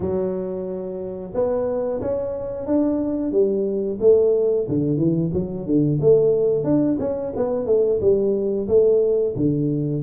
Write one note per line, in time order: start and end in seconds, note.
0.00 1.33 F#3
1.34 2.01 B3
2.01 2.66 C#4
2.66 3.32 D4
3.32 3.98 G3
4.00 4.67 A3
4.68 4.97 D3
4.97 5.30 E3
5.33 5.65 F#3
5.65 5.99 D3
6.00 6.64 A3
6.64 6.97 D4
6.99 7.32 C#4
7.35 7.66 B3
7.66 7.99 A3
8.00 8.67 G3
8.68 9.34 A3
9.35 10.02 D3